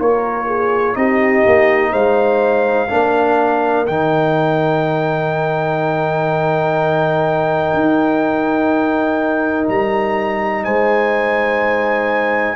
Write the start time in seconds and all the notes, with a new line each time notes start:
0.00 A#3 F4 A#4 C#5
0.47 G#4
0.95 C4 D#4 G4 D#5
1.47 A#3
1.92 G#3 C5 F5
2.90 A#3 D4 A#4
3.86 D#3 D#4 G5
7.74 D#4
9.69 G3 A#5
10.64 G#3 C5 G#5